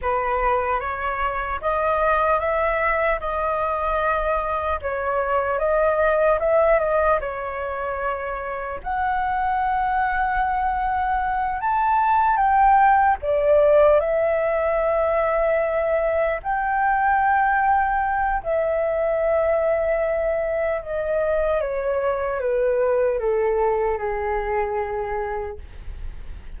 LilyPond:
\new Staff \with { instrumentName = "flute" } { \time 4/4 \tempo 4 = 75 b'4 cis''4 dis''4 e''4 | dis''2 cis''4 dis''4 | e''8 dis''8 cis''2 fis''4~ | fis''2~ fis''8 a''4 g''8~ |
g''8 d''4 e''2~ e''8~ | e''8 g''2~ g''8 e''4~ | e''2 dis''4 cis''4 | b'4 a'4 gis'2 | }